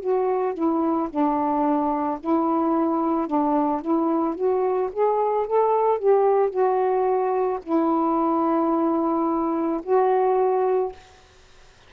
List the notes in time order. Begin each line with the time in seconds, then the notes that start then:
0.00 F#4
0.54 E4
1.10 D4
2.20 E4
3.27 D4
3.81 E4
4.35 F#4
4.92 G#4
5.46 A4
5.99 G4
6.50 F#4
7.63 E4
9.83 F#4